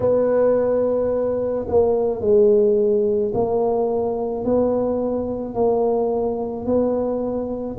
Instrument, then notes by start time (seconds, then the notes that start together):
tuba
0.00 B3
1.68 A#3
2.20 G#3
3.34 A#3
4.44 B3
5.54 A#3
6.65 B3